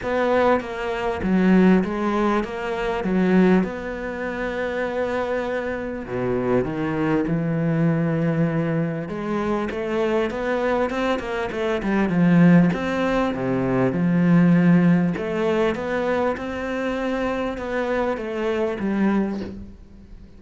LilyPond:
\new Staff \with { instrumentName = "cello" } { \time 4/4 \tempo 4 = 99 b4 ais4 fis4 gis4 | ais4 fis4 b2~ | b2 b,4 dis4 | e2. gis4 |
a4 b4 c'8 ais8 a8 g8 | f4 c'4 c4 f4~ | f4 a4 b4 c'4~ | c'4 b4 a4 g4 | }